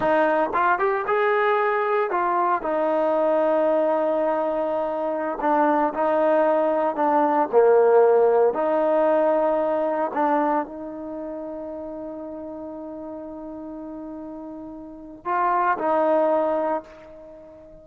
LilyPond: \new Staff \with { instrumentName = "trombone" } { \time 4/4 \tempo 4 = 114 dis'4 f'8 g'8 gis'2 | f'4 dis'2.~ | dis'2~ dis'16 d'4 dis'8.~ | dis'4~ dis'16 d'4 ais4.~ ais16~ |
ais16 dis'2. d'8.~ | d'16 dis'2.~ dis'8.~ | dis'1~ | dis'4 f'4 dis'2 | }